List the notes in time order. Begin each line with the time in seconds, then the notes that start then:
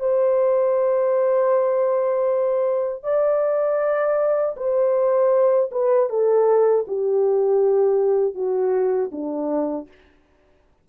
0.00 C5
3.04 D5
4.57 C5
5.72 B4
6.10 A4
6.88 G4
8.35 F#4
9.12 D4